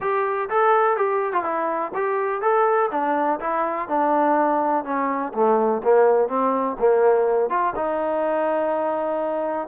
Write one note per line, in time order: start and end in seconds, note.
0.00 0.49 G4
0.49 0.96 A4
0.96 1.32 G4
1.32 1.43 F4
1.43 1.92 E4
1.94 2.41 G4
2.41 2.90 A4
2.91 3.39 D4
3.40 3.88 E4
3.88 4.84 D4
4.84 5.32 C#4
5.33 5.82 A3
5.83 6.28 A#3
6.28 6.76 C4
6.79 7.49 A#3
7.49 7.73 F4
7.75 9.68 D#4